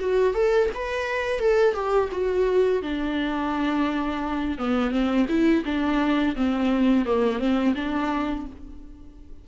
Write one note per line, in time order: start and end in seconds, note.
0.00 0.35 F#4
0.35 0.70 A4
0.75 1.40 B4
1.40 1.75 A4
1.75 2.10 G4
2.12 2.83 F#4
2.83 4.59 D4
4.59 4.91 B3
4.91 5.27 C4
5.29 5.64 E4
5.65 6.36 D4
6.37 7.06 C4
7.06 7.40 A#3
7.40 7.75 C4
7.76 8.46 D4